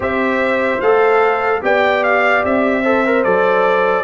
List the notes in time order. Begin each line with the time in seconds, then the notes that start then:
0.00 C4 G4 C5 E5
0.81 A3 A4 F5
1.61 B3 G4 D5 G5
2.03 F5
2.44 C4 E5
2.83 A4 C5
3.05 A#4
3.23 F#3 A4 D5